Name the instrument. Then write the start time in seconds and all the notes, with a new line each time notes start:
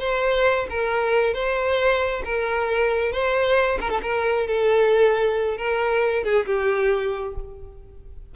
violin
0.00 C5
0.70 A#4
1.34 C5
2.25 A#4
3.12 C5
3.81 A#4
3.90 A4
4.02 A#4
4.47 A4
5.58 A#4
6.24 G#4
6.46 G4